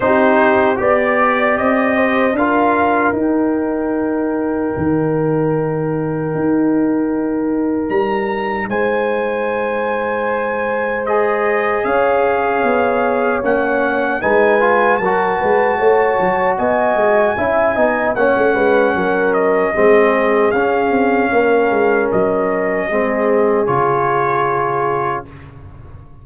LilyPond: <<
  \new Staff \with { instrumentName = "trumpet" } { \time 4/4 \tempo 4 = 76 c''4 d''4 dis''4 f''4 | g''1~ | g''2 ais''4 gis''4~ | gis''2 dis''4 f''4~ |
f''4 fis''4 gis''4 a''4~ | a''4 gis''2 fis''4~ | fis''8 dis''4. f''2 | dis''2 cis''2 | }
  \new Staff \with { instrumentName = "horn" } { \time 4/4 g'4 d''4. c''8 ais'4~ | ais'1~ | ais'2. c''4~ | c''2. cis''4~ |
cis''2 b'4 ais'8 b'8 | cis''4 dis''4 e''8 dis''8 cis''8 b'8 | ais'4 gis'2 ais'4~ | ais'4 gis'2. | }
  \new Staff \with { instrumentName = "trombone" } { \time 4/4 dis'4 g'2 f'4 | dis'1~ | dis'1~ | dis'2 gis'2~ |
gis'4 cis'4 dis'8 f'8 fis'4~ | fis'2 e'8 dis'8 cis'4~ | cis'4 c'4 cis'2~ | cis'4 c'4 f'2 | }
  \new Staff \with { instrumentName = "tuba" } { \time 4/4 c'4 b4 c'4 d'4 | dis'2 dis2 | dis'2 g4 gis4~ | gis2. cis'4 |
b4 ais4 gis4 fis8 gis8 | a8 fis8 b8 gis8 cis'8 b8 ais16 a16 gis8 | fis4 gis4 cis'8 c'8 ais8 gis8 | fis4 gis4 cis2 | }
>>